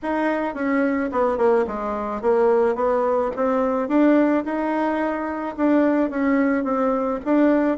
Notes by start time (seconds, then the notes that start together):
0.02 D#4
0.54 C#4
1.11 B3
1.37 A#3
1.67 G#3
2.21 A#3
2.75 B3
3.36 C4
3.88 D4
4.44 D#4
5.57 D4
6.10 C#4
6.64 C4
7.24 D4